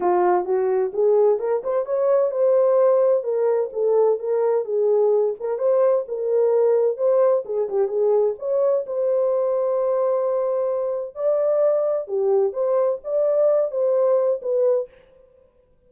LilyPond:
\new Staff \with { instrumentName = "horn" } { \time 4/4 \tempo 4 = 129 f'4 fis'4 gis'4 ais'8 c''8 | cis''4 c''2 ais'4 | a'4 ais'4 gis'4. ais'8 | c''4 ais'2 c''4 |
gis'8 g'8 gis'4 cis''4 c''4~ | c''1 | d''2 g'4 c''4 | d''4. c''4. b'4 | }